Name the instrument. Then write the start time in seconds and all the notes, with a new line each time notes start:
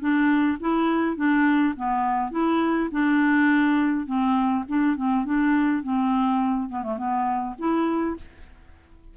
clarinet
0.00 D4
0.60 E4
1.17 D4
1.76 B3
2.31 E4
2.92 D4
4.06 C4
4.68 D4
4.97 C4
5.25 D4
5.83 C4
6.69 B3
6.83 A3
6.98 B3
7.59 E4